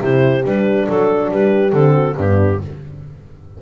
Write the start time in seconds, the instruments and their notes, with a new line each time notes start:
0.00 double bass C3, horn E4 G4, clarinet C5
0.44 double bass G3, horn D4, clarinet B4
0.88 double bass F#3, clarinet A4, horn A4
1.30 double bass G3, horn G4, clarinet B4
1.73 double bass D3, horn C4, clarinet A4
1.94 horn F#4
2.17 double bass G2, horn B3 D4, clarinet G4